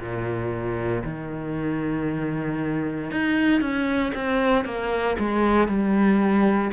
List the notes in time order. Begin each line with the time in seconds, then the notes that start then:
0.00 A#2
1.05 D#3
3.11 D#4
3.61 C#4
4.15 C4
4.66 A#3
5.19 G#3
5.68 G3